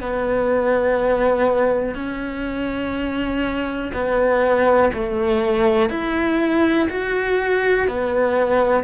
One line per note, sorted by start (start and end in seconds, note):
0.00 1.95 B3
1.95 3.92 C#4
3.93 4.92 B3
4.93 5.90 A3
5.90 6.88 E4
6.90 7.88 F#4
7.88 8.83 B3